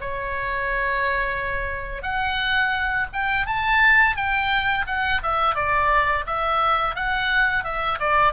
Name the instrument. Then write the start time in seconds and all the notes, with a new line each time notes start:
oboe
0.00 C#5
2.02 F#5
3.12 G5
3.46 A5
4.16 G5
4.86 F#5
5.23 E5
5.55 D5
6.26 E5
6.95 F#5
7.64 E5
7.99 D5